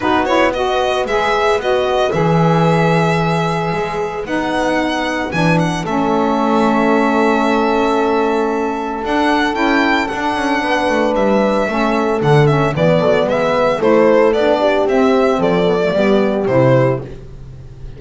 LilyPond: <<
  \new Staff \with { instrumentName = "violin" } { \time 4/4 \tempo 4 = 113 b'8 cis''8 dis''4 e''4 dis''4 | e''1 | fis''2 gis''8 fis''8 e''4~ | e''1~ |
e''4 fis''4 g''4 fis''4~ | fis''4 e''2 fis''8 e''8 | d''4 e''4 c''4 d''4 | e''4 d''2 c''4 | }
  \new Staff \with { instrumentName = "horn" } { \time 4/4 fis'4 b'2.~ | b'1~ | b'2. a'4~ | a'1~ |
a'1 | b'2 a'2 | b'8 a'8 b'4 a'4. g'8~ | g'4 a'4 g'2 | }
  \new Staff \with { instrumentName = "saxophone" } { \time 4/4 dis'8 e'8 fis'4 gis'4 fis'4 | gis'1 | dis'2 d'4 cis'4~ | cis'1~ |
cis'4 d'4 e'4 d'4~ | d'2 cis'4 d'8 cis'8 | b2 e'4 d'4 | c'4. b16 a16 b4 e'4 | }
  \new Staff \with { instrumentName = "double bass" } { \time 4/4 b2 gis4 b4 | e2. gis4 | b2 e4 a4~ | a1~ |
a4 d'4 cis'4 d'8 cis'8 | b8 a8 g4 a4 d4 | e8 fis8 gis4 a4 b4 | c'4 f4 g4 c4 | }
>>